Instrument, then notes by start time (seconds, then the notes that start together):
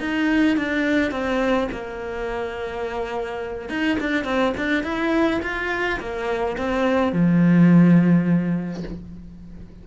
cello
0.00 D#4
0.57 D4
1.11 C4
1.71 A#3
3.69 D#4
4.00 D4
4.24 C4
4.57 D4
4.83 E4
5.43 F4
6.00 A#3
6.58 C4
7.12 F3